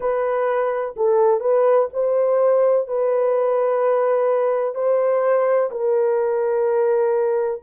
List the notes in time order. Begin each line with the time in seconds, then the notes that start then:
0.00 B4
0.96 A4
1.40 B4
1.93 C5
2.87 B4
4.74 C5
5.71 A#4